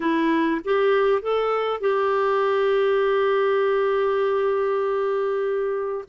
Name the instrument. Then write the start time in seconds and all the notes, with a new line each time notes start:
clarinet
0.00 E4
0.64 G4
1.21 A4
1.80 G4